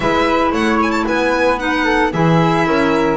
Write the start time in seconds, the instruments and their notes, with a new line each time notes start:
0.00 double bass G#3, clarinet E4, flute B4, violin E5
0.51 double bass A3, flute C#5, violin F#5
0.82 violin G#5
0.91 violin A5
1.06 double bass B3, flute B4, violin G#5
1.59 clarinet D#4, violin F#5
1.84 flute A4
2.12 double bass E3, clarinet E4, flute G#4, violin E5
2.65 double bass C#4, flute A#4